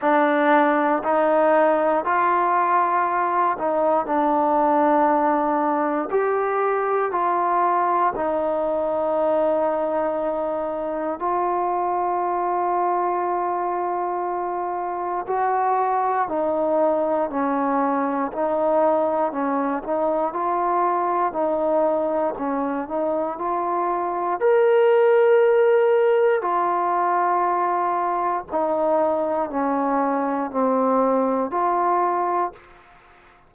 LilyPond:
\new Staff \with { instrumentName = "trombone" } { \time 4/4 \tempo 4 = 59 d'4 dis'4 f'4. dis'8 | d'2 g'4 f'4 | dis'2. f'4~ | f'2. fis'4 |
dis'4 cis'4 dis'4 cis'8 dis'8 | f'4 dis'4 cis'8 dis'8 f'4 | ais'2 f'2 | dis'4 cis'4 c'4 f'4 | }